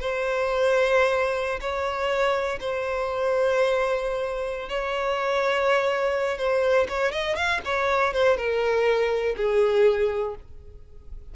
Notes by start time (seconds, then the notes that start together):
0.00 C5
1.61 C#5
2.60 C5
4.69 C#5
6.38 C5
6.89 C#5
7.12 D#5
7.36 F5
7.65 C#5
8.14 C5
8.37 A#4
9.37 G#4